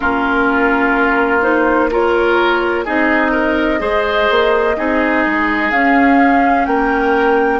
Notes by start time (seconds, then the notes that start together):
0.00 A#3 C#4 F4 A#4
1.42 D#4 C5
1.90 F4 A#4 C#5
2.84 C4 D#4 G#4 D#5
3.31 A#4
3.79 G#3 G#4 C5
4.30 A#3
4.76 C4 D#4 G#4
5.26 G#3
5.70 C#4 F5
6.65 A#3 A#4 G5